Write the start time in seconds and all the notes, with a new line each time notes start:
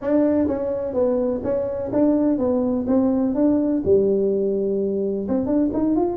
0.01 D4
0.47 C#4
0.93 B3
1.43 C#4
1.92 D4
2.37 B3
2.87 C4
3.34 D4
3.84 G3
5.28 C4
5.46 D4
5.73 D#4
5.95 F4